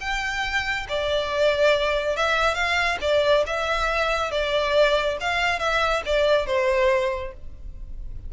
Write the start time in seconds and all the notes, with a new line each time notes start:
0.00 G5
0.88 D5
2.16 E5
2.54 F5
3.01 D5
3.46 E5
4.31 D5
5.20 F5
5.59 E5
6.05 D5
6.46 C5